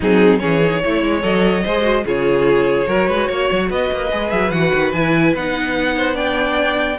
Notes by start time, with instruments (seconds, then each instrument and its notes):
0.00 cello F#3, viola C4, violin D#4 G#4
0.38 cello E3, viola C#4, violin G#4 C#5
0.63 viola D#4
0.83 cello A3, viola E4, violin C#5
1.02 cello G#3
1.21 cello F#3, viola A4, violin D#5
1.63 cello G#3, viola G#4, violin C5
1.82 viola F#4
2.04 cello C#3, viola F4, violin G#4 C#5
2.85 cello F#3, viola F#4, violin A#4
3.08 cello G#3, violin B4
3.27 cello A#3, violin C#5
3.51 cello F#3
3.69 cello B3, violin B4 D#5
3.91 cello A#3
4.11 cello G#3, viola G#4
4.31 cello F#3, violin E5
4.50 cello E3, viola F#4, violin F#5
4.73 cello D#3
4.92 cello E3, viola E4, violin G#5
5.35 cello B3, viola D#4, violin F#5
5.96 violin C5
6.14 viola D4, violin D5 G5